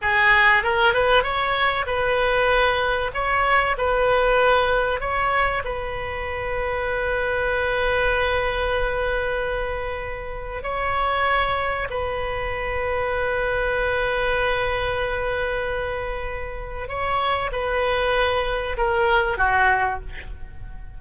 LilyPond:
\new Staff \with { instrumentName = "oboe" } { \time 4/4 \tempo 4 = 96 gis'4 ais'8 b'8 cis''4 b'4~ | b'4 cis''4 b'2 | cis''4 b'2.~ | b'1~ |
b'4 cis''2 b'4~ | b'1~ | b'2. cis''4 | b'2 ais'4 fis'4 | }